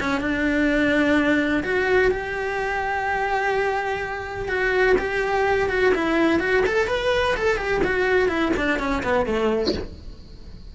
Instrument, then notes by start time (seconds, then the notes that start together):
cello
0.00 C#4
0.21 D4
1.64 F#4
2.11 G4
4.49 F#4
4.99 G4
5.70 F#4
5.95 E4
6.40 F#4
6.67 A4
6.88 B4
7.37 A4
7.58 G4
7.84 F#4
8.29 E4
8.57 D4
8.79 C#4
9.03 B3
9.26 A3